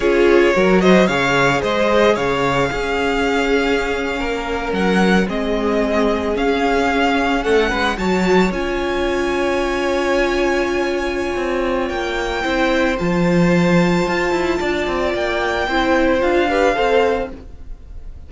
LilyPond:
<<
  \new Staff \with { instrumentName = "violin" } { \time 4/4 \tempo 4 = 111 cis''4. dis''8 f''4 dis''4 | f''1~ | f''8. fis''4 dis''2 f''16~ | f''4.~ f''16 fis''4 a''4 gis''16~ |
gis''1~ | gis''2 g''2 | a''1 | g''2 f''2 | }
  \new Staff \with { instrumentName = "violin" } { \time 4/4 gis'4 ais'8 c''8 cis''4 c''4 | cis''4 gis'2~ gis'8. ais'16~ | ais'4.~ ais'16 gis'2~ gis'16~ | gis'4.~ gis'16 a'8 b'8 cis''4~ cis''16~ |
cis''1~ | cis''2. c''4~ | c''2. d''4~ | d''4 c''4. b'8 c''4 | }
  \new Staff \with { instrumentName = "viola" } { \time 4/4 f'4 fis'4 gis'2~ | gis'4 cis'2.~ | cis'4.~ cis'16 c'2 cis'16~ | cis'2~ cis'8. fis'4 f'16~ |
f'1~ | f'2. e'4 | f'1~ | f'4 e'4 f'8 g'8 a'4 | }
  \new Staff \with { instrumentName = "cello" } { \time 4/4 cis'4 fis4 cis4 gis4 | cis4 cis'2~ cis'8. ais16~ | ais8. fis4 gis2 cis'16~ | cis'4.~ cis'16 a8 gis8 fis4 cis'16~ |
cis'1~ | cis'4 c'4 ais4 c'4 | f2 f'8 e'8 d'8 c'8 | ais4 c'4 d'4 c'4 | }
>>